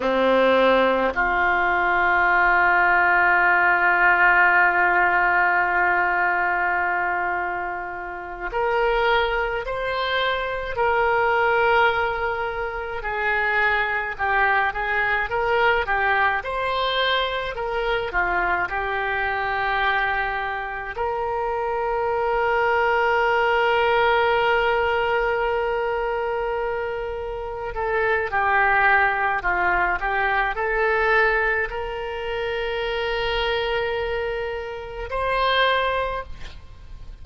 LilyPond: \new Staff \with { instrumentName = "oboe" } { \time 4/4 \tempo 4 = 53 c'4 f'2.~ | f'2.~ f'8 ais'8~ | ais'8 c''4 ais'2 gis'8~ | gis'8 g'8 gis'8 ais'8 g'8 c''4 ais'8 |
f'8 g'2 ais'4.~ | ais'1~ | ais'8 a'8 g'4 f'8 g'8 a'4 | ais'2. c''4 | }